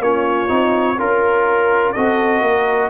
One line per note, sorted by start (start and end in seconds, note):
0.00 0.48 A#3
0.00 0.48 C#4
0.00 0.99 F4
0.00 0.99 C#5
0.48 0.98 C4
0.48 0.96 D#4
0.98 1.95 C#4
0.98 1.95 F4
0.98 1.94 A#4
0.98 1.92 A#4
1.92 2.42 C4
1.92 2.90 F#4
1.92 2.42 A4
1.92 2.89 D#5
2.42 2.90 A#3
2.42 2.90 A#4